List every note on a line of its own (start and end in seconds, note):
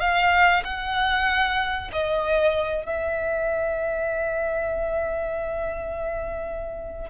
0.00 0.63 F5
0.65 1.91 F#5
1.92 2.86 D#5
2.86 7.10 E5